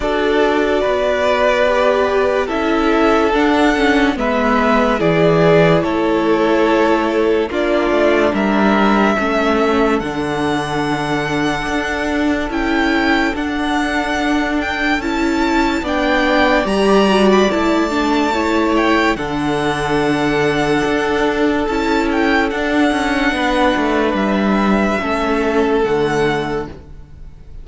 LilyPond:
<<
  \new Staff \with { instrumentName = "violin" } { \time 4/4 \tempo 4 = 72 d''2. e''4 | fis''4 e''4 d''4 cis''4~ | cis''4 d''4 e''2 | fis''2. g''4 |
fis''4. g''8 a''4 g''4 | ais''8. b''16 a''4. g''8 fis''4~ | fis''2 a''8 g''8 fis''4~ | fis''4 e''2 fis''4 | }
  \new Staff \with { instrumentName = "violin" } { \time 4/4 a'4 b'2 a'4~ | a'4 b'4 gis'4 a'4~ | a'4 f'4 ais'4 a'4~ | a'1~ |
a'2. d''4~ | d''2 cis''4 a'4~ | a'1 | b'2 a'2 | }
  \new Staff \with { instrumentName = "viola" } { \time 4/4 fis'2 g'4 e'4 | d'8 cis'8 b4 e'2~ | e'4 d'2 cis'4 | d'2. e'4 |
d'2 e'4 d'4 | g'8 fis'8 e'8 d'8 e'4 d'4~ | d'2 e'4 d'4~ | d'2 cis'4 a4 | }
  \new Staff \with { instrumentName = "cello" } { \time 4/4 d'4 b2 cis'4 | d'4 gis4 e4 a4~ | a4 ais8 a8 g4 a4 | d2 d'4 cis'4 |
d'2 cis'4 b4 | g4 a2 d4~ | d4 d'4 cis'4 d'8 cis'8 | b8 a8 g4 a4 d4 | }
>>